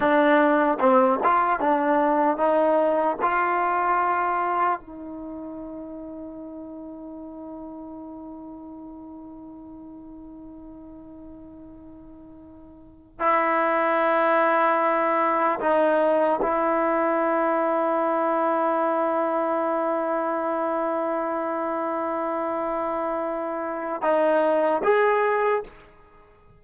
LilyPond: \new Staff \with { instrumentName = "trombone" } { \time 4/4 \tempo 4 = 75 d'4 c'8 f'8 d'4 dis'4 | f'2 dis'2~ | dis'1~ | dis'1~ |
dis'8 e'2. dis'8~ | dis'8 e'2.~ e'8~ | e'1~ | e'2 dis'4 gis'4 | }